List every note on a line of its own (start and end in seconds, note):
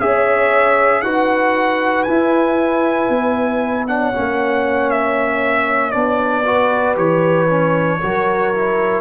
0.00 1.03 C#4
0.00 1.04 G#4
0.00 1.04 C#5
0.00 1.02 E5
1.02 2.06 D#4
1.02 2.08 F#4
1.02 3.87 B4
1.02 2.03 F#5
2.03 3.09 E4
2.03 3.88 E4
2.03 3.84 G#5
3.09 4.13 B3
3.87 4.13 D4
3.87 6.45 C#5
3.87 4.91 F#5
4.13 5.95 A#3
4.13 5.93 C#4
4.91 5.91 E5
5.91 6.97 B3
5.91 6.44 D4
5.91 6.95 D5
6.45 6.96 F#4
6.45 8.00 B4
6.96 8.00 E3
6.96 7.48 G4
6.96 9.01 C#5
7.50 8.02 C#4
8.01 9.01 F#3
8.01 8.54 F#4
8.01 9.01 A#4
8.55 9.01 E4